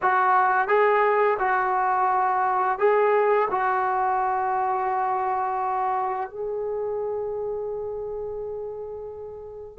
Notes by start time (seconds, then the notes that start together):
0.02 F#4
0.68 G#4
1.39 F#4
2.78 G#4
3.51 F#4
6.29 G#4